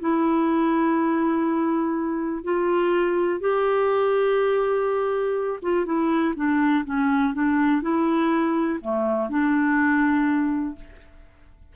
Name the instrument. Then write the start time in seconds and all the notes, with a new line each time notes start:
clarinet
0.00 E4
2.43 F4
3.40 G4
5.62 F4
5.85 E4
6.36 D4
6.85 C#4
7.33 D4
7.82 E4
8.80 A3
9.29 D4